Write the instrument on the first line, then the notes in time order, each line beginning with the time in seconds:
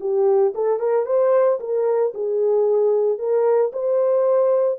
horn
0.00 G4
0.55 A4
0.79 A#4
1.05 C5
1.60 A#4
2.14 G#4
3.18 A#4
3.72 C5